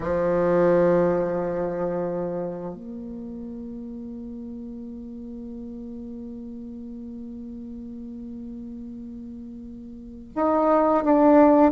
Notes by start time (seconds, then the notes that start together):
0.00 F3
2.74 A#3
10.35 D#4
11.03 D4